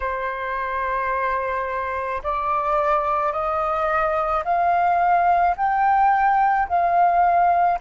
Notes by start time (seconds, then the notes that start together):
0.00 C5
2.23 D5
3.32 D#5
4.44 F5
5.57 G5
6.68 F5